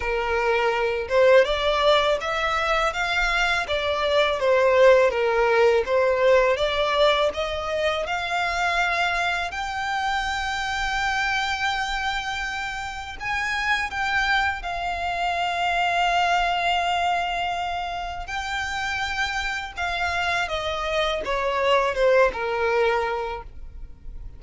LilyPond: \new Staff \with { instrumentName = "violin" } { \time 4/4 \tempo 4 = 82 ais'4. c''8 d''4 e''4 | f''4 d''4 c''4 ais'4 | c''4 d''4 dis''4 f''4~ | f''4 g''2.~ |
g''2 gis''4 g''4 | f''1~ | f''4 g''2 f''4 | dis''4 cis''4 c''8 ais'4. | }